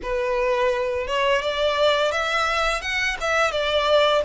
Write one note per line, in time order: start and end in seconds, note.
0.02 1.07 B4
1.07 1.41 C#5
1.41 2.11 D5
2.11 2.81 E5
2.81 3.16 F#5
3.20 3.51 E5
3.51 4.22 D5